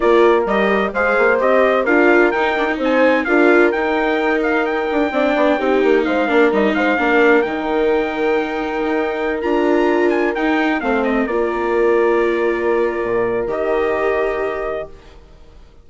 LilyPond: <<
  \new Staff \with { instrumentName = "trumpet" } { \time 4/4 \tempo 4 = 129 d''4 dis''4 f''4 dis''4 | f''4 g''4 gis''4 f''4 | g''4. f''8 g''2~ | g''4 f''4 dis''8 f''4. |
g''1~ | g''16 ais''4. gis''8 g''4 f''8 dis''16~ | dis''16 d''2.~ d''8.~ | d''4 dis''2. | }
  \new Staff \with { instrumentName = "horn" } { \time 4/4 ais'2 c''2 | ais'2 c''4 ais'4~ | ais'2. d''4 | g'4 c''8 ais'4 c''8 ais'4~ |
ais'1~ | ais'2.~ ais'16 c''8.~ | c''16 ais'2.~ ais'8.~ | ais'1 | }
  \new Staff \with { instrumentName = "viola" } { \time 4/4 f'4 g'4 gis'4 g'4 | f'4 dis'8 d'16 dis'4~ dis'16 f'4 | dis'2. d'4 | dis'4. d'8 dis'4 d'4 |
dis'1~ | dis'16 f'2 dis'4 c'8.~ | c'16 f'2.~ f'8.~ | f'4 g'2. | }
  \new Staff \with { instrumentName = "bassoon" } { \time 4/4 ais4 g4 gis8 ais8 c'4 | d'4 dis'4 c'4 d'4 | dis'2~ dis'8 d'8 c'8 b8 | c'8 ais8 gis8 ais8 g8 gis8 ais4 |
dis2. dis'4~ | dis'16 d'2 dis'4 a8.~ | a16 ais2.~ ais8. | ais,4 dis2. | }
>>